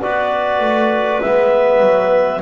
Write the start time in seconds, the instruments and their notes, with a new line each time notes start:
0.00 double bass B3, trombone F#4, clarinet B4 D5
0.59 double bass A3
1.21 double bass G#3, trombone B3, clarinet E5
1.80 double bass F#3